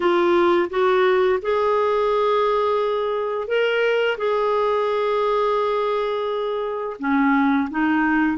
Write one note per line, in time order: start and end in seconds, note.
0.00 0.69 F4
0.70 1.40 F#4
1.41 3.47 G#4
3.47 4.17 A#4
4.17 6.96 G#4
6.99 7.68 C#4
7.70 8.37 D#4